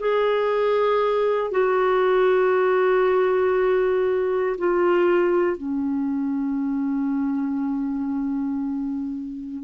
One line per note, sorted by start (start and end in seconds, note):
0.00 1.51 G#4
1.51 4.56 F#4
4.58 5.57 F4
5.57 9.64 C#4